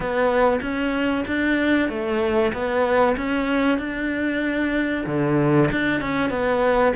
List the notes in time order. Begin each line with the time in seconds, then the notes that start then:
0.00 B3
0.61 C#4
1.27 D4
1.89 A3
2.53 B3
3.16 C#4
3.78 D4
5.06 D3
5.71 D4
6.00 C#4
6.30 B3